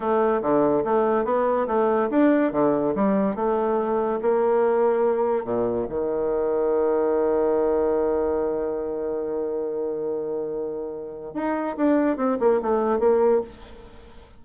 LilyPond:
\new Staff \with { instrumentName = "bassoon" } { \time 4/4 \tempo 4 = 143 a4 d4 a4 b4 | a4 d'4 d4 g4 | a2 ais2~ | ais4 ais,4 dis2~ |
dis1~ | dis1~ | dis2. dis'4 | d'4 c'8 ais8 a4 ais4 | }